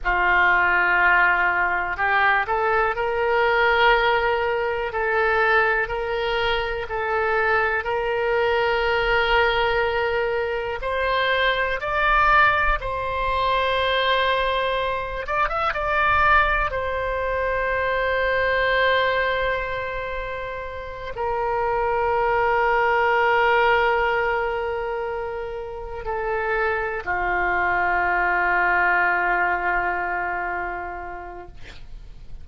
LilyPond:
\new Staff \with { instrumentName = "oboe" } { \time 4/4 \tempo 4 = 61 f'2 g'8 a'8 ais'4~ | ais'4 a'4 ais'4 a'4 | ais'2. c''4 | d''4 c''2~ c''8 d''16 e''16 |
d''4 c''2.~ | c''4. ais'2~ ais'8~ | ais'2~ ais'8 a'4 f'8~ | f'1 | }